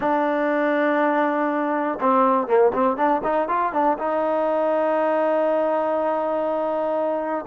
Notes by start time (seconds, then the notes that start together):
0.00 D4
2.00 C4
2.47 A#3
2.73 C4
2.96 D4
3.23 D#4
3.48 F4
3.72 D4
3.98 D#4